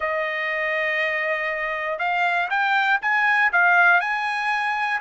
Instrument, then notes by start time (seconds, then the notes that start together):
trumpet
0.00 D#5
1.98 F5
2.50 G5
3.01 G#5
3.52 F5
4.00 G#5